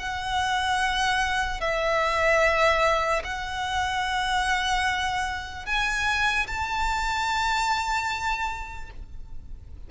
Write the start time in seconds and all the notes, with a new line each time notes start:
0.00 F#5
1.61 E5
3.25 F#5
5.66 G#5
6.48 A5